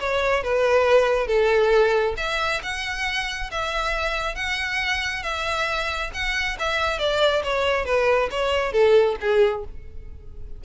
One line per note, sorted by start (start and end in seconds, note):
0.00 0.44 C#5
0.44 1.28 B4
1.28 2.15 A4
2.18 2.62 E5
2.63 3.51 F#5
3.51 4.36 E5
4.36 5.23 F#5
5.23 6.11 E5
6.14 6.58 F#5
6.60 6.99 E5
6.99 7.43 D5
7.44 7.86 C#5
7.86 8.30 B4
8.31 8.73 C#5
8.73 9.17 A4
9.21 9.65 G#4